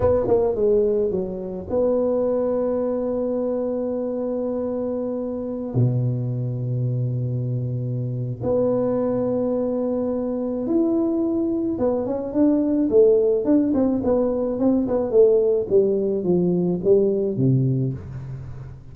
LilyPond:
\new Staff \with { instrumentName = "tuba" } { \time 4/4 \tempo 4 = 107 b8 ais8 gis4 fis4 b4~ | b1~ | b2~ b16 b,4.~ b,16~ | b,2. b4~ |
b2. e'4~ | e'4 b8 cis'8 d'4 a4 | d'8 c'8 b4 c'8 b8 a4 | g4 f4 g4 c4 | }